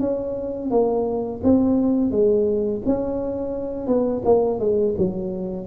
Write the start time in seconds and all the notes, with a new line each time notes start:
0.00 C#4
0.71 A#3
1.43 C4
2.11 G#3
2.86 C#4
3.87 B3
4.25 A#3
4.59 G#3
4.98 F#3